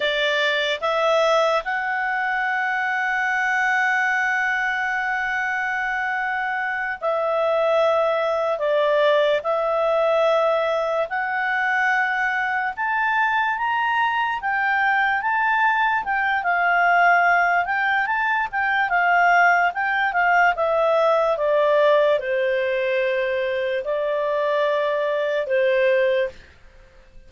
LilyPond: \new Staff \with { instrumentName = "clarinet" } { \time 4/4 \tempo 4 = 73 d''4 e''4 fis''2~ | fis''1~ | fis''8 e''2 d''4 e''8~ | e''4. fis''2 a''8~ |
a''8 ais''4 g''4 a''4 g''8 | f''4. g''8 a''8 g''8 f''4 | g''8 f''8 e''4 d''4 c''4~ | c''4 d''2 c''4 | }